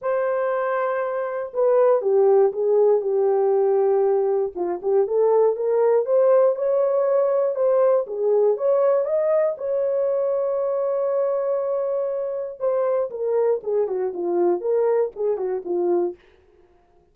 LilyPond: \new Staff \with { instrumentName = "horn" } { \time 4/4 \tempo 4 = 119 c''2. b'4 | g'4 gis'4 g'2~ | g'4 f'8 g'8 a'4 ais'4 | c''4 cis''2 c''4 |
gis'4 cis''4 dis''4 cis''4~ | cis''1~ | cis''4 c''4 ais'4 gis'8 fis'8 | f'4 ais'4 gis'8 fis'8 f'4 | }